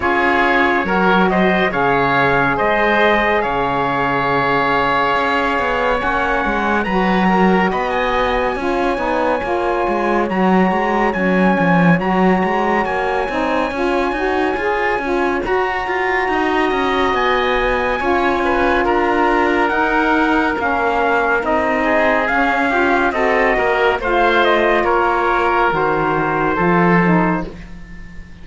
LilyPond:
<<
  \new Staff \with { instrumentName = "trumpet" } { \time 4/4 \tempo 4 = 70 cis''4. dis''8 f''4 dis''4 | f''2. fis''4 | ais''4 b''16 gis''2~ gis''8. | ais''4 gis''4 ais''4 gis''4~ |
gis''2 ais''2 | gis''2 ais''4 fis''4 | f''4 dis''4 f''4 dis''4 | f''8 dis''8 cis''4 c''2 | }
  \new Staff \with { instrumentName = "oboe" } { \time 4/4 gis'4 ais'8 c''8 cis''4 c''4 | cis''1 | b'8 ais'8 dis''4 cis''2~ | cis''1~ |
cis''2. dis''4~ | dis''4 cis''8 b'8 ais'2~ | ais'4. gis'4 g'8 a'8 ais'8 | c''4 ais'2 a'4 | }
  \new Staff \with { instrumentName = "saxophone" } { \time 4/4 f'4 fis'4 gis'2~ | gis'2. cis'4 | fis'2 f'8 dis'8 f'4 | fis'4 cis'4 fis'4. dis'8 |
f'8 fis'8 gis'8 f'8 fis'2~ | fis'4 f'2 dis'4 | cis'4 dis'4 cis'8 f'8 fis'4 | f'2 fis'4 f'8 dis'8 | }
  \new Staff \with { instrumentName = "cello" } { \time 4/4 cis'4 fis4 cis4 gis4 | cis2 cis'8 b8 ais8 gis8 | fis4 b4 cis'8 b8 ais8 gis8 | fis8 gis8 fis8 f8 fis8 gis8 ais8 c'8 |
cis'8 dis'8 f'8 cis'8 fis'8 f'8 dis'8 cis'8 | b4 cis'4 d'4 dis'4 | ais4 c'4 cis'4 c'8 ais8 | a4 ais4 dis4 f4 | }
>>